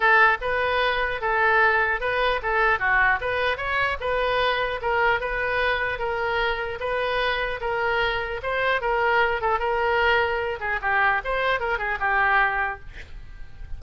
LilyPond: \new Staff \with { instrumentName = "oboe" } { \time 4/4 \tempo 4 = 150 a'4 b'2 a'4~ | a'4 b'4 a'4 fis'4 | b'4 cis''4 b'2 | ais'4 b'2 ais'4~ |
ais'4 b'2 ais'4~ | ais'4 c''4 ais'4. a'8 | ais'2~ ais'8 gis'8 g'4 | c''4 ais'8 gis'8 g'2 | }